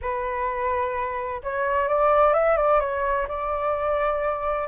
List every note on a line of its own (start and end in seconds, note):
0.01 1.42 B4
1.43 1.88 C#5
1.88 2.33 D5
2.33 2.57 E5
2.57 2.80 D5
2.80 3.27 C#5
3.28 4.67 D5